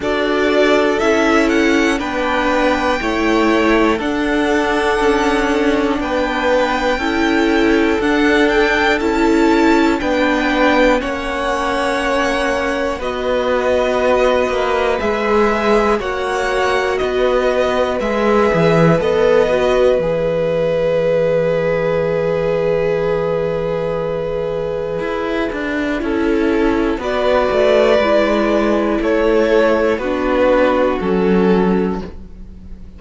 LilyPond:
<<
  \new Staff \with { instrumentName = "violin" } { \time 4/4 \tempo 4 = 60 d''4 e''8 fis''8 g''2 | fis''2 g''2 | fis''8 g''8 a''4 g''4 fis''4~ | fis''4 dis''2 e''4 |
fis''4 dis''4 e''4 dis''4 | e''1~ | e''2. d''4~ | d''4 cis''4 b'4 a'4 | }
  \new Staff \with { instrumentName = "violin" } { \time 4/4 a'2 b'4 cis''4 | a'2 b'4 a'4~ | a'2 b'4 cis''4~ | cis''4 b'2. |
cis''4 b'2.~ | b'1~ | b'2 a'4 b'4~ | b'4 a'4 fis'2 | }
  \new Staff \with { instrumentName = "viola" } { \time 4/4 fis'4 e'4 d'4 e'4 | d'2. e'4 | d'4 e'4 d'4 cis'4~ | cis'4 fis'2 gis'4 |
fis'2 gis'4 a'8 fis'8 | gis'1~ | gis'2 e'4 fis'4 | e'2 d'4 cis'4 | }
  \new Staff \with { instrumentName = "cello" } { \time 4/4 d'4 cis'4 b4 a4 | d'4 cis'4 b4 cis'4 | d'4 cis'4 b4 ais4~ | ais4 b4. ais8 gis4 |
ais4 b4 gis8 e8 b4 | e1~ | e4 e'8 d'8 cis'4 b8 a8 | gis4 a4 b4 fis4 | }
>>